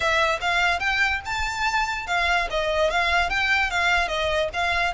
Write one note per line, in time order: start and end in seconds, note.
0.00 0.39 E5
0.41 0.79 F5
0.79 1.20 G5
1.25 2.07 A5
2.07 2.48 F5
2.50 2.90 D#5
2.90 3.29 F5
3.29 3.70 G5
3.70 4.08 F5
4.08 4.49 D#5
4.53 4.94 F5